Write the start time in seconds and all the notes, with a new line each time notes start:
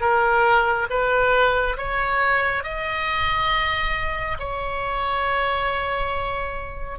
0.00 A#4
0.90 B4
1.77 C#5
2.63 D#5
4.39 C#5